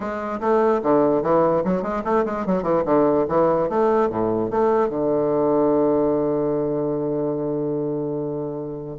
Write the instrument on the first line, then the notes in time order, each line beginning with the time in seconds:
bassoon
0.00 G#3
0.40 A3
0.83 D3
1.22 E3
1.64 F#3
1.82 G#3
2.04 A3
2.25 G#3
2.45 F#3
2.62 E3
2.85 D3
3.28 E3
3.69 A3
4.09 A2
4.50 A3
4.89 D3